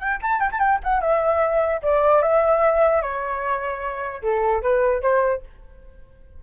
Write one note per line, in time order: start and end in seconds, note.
0.00 0.20 G5
0.23 0.41 A5
0.41 0.51 G5
0.52 0.60 A5
0.60 0.80 G5
0.84 1.01 F#5
1.01 1.81 E5
1.83 2.22 D5
2.22 3.02 E5
3.02 4.22 C#5
4.23 4.62 A4
4.62 5.02 B4
5.02 5.42 C5